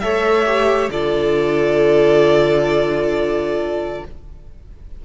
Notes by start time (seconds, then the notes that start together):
0.00 A3 A4 C#5 E5
0.46 G4
0.89 D3 F4 A4 D5